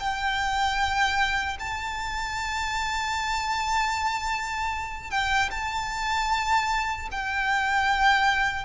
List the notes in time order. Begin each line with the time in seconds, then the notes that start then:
0.00 G5
1.60 A5
5.11 G5
5.51 A5
7.12 G5